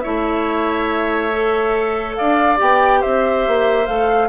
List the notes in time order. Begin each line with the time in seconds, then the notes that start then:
0.00 E4 C#5 E5
0.06 A3
1.32 A4
2.15 D4 D5 F5
2.57 B3 G4 G5
3.01 C4 C5 E5
3.47 A#3
3.86 A3 A4 F5